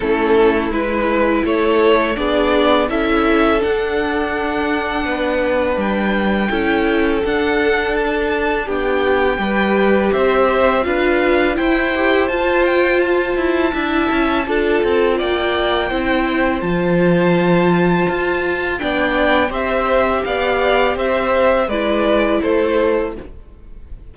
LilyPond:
<<
  \new Staff \with { instrumentName = "violin" } { \time 4/4 \tempo 4 = 83 a'4 b'4 cis''4 d''4 | e''4 fis''2. | g''2 fis''4 a''4 | g''2 e''4 f''4 |
g''4 a''8 g''8 a''2~ | a''4 g''2 a''4~ | a''2 g''4 e''4 | f''4 e''4 d''4 c''4 | }
  \new Staff \with { instrumentName = "violin" } { \time 4/4 e'2 a'4 gis'4 | a'2. b'4~ | b'4 a'2. | g'4 b'4 c''4 b'4 |
c''2. e''4 | a'4 d''4 c''2~ | c''2 d''4 c''4 | d''4 c''4 b'4 a'4 | }
  \new Staff \with { instrumentName = "viola" } { \time 4/4 cis'4 e'2 d'4 | e'4 d'2.~ | d'4 e'4 d'2~ | d'4 g'2 f'4 |
e'8 g'8 f'2 e'4 | f'2 e'4 f'4~ | f'2 d'4 g'4~ | g'2 e'2 | }
  \new Staff \with { instrumentName = "cello" } { \time 4/4 a4 gis4 a4 b4 | cis'4 d'2 b4 | g4 cis'4 d'2 | b4 g4 c'4 d'4 |
e'4 f'4. e'8 d'8 cis'8 | d'8 c'8 ais4 c'4 f4~ | f4 f'4 b4 c'4 | b4 c'4 gis4 a4 | }
>>